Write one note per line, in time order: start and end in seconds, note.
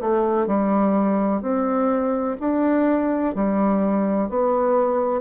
0.00 0.47 A3
0.47 1.42 G3
1.42 2.37 C4
2.40 3.35 D4
3.35 4.29 G3
4.29 5.21 B3